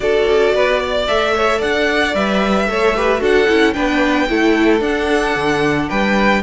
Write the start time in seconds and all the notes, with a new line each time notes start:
0.00 D4 F#4 A4 D5
0.26 C#4
0.53 B3 B4
0.80 D5
1.07 A3 A4 E5
1.35 C#5
1.58 D4 D5 F#5
2.14 G3 B4 E5
2.68 A3 A4 C#5
2.95 G4 B4
3.18 D4 F#4 A4 F#5
3.48 C#4 E4
3.73 B3 D4 B4 G5
4.28 A3 E4 A4
4.80 D4 F#5
5.35 D3
5.89 G3 B4 G5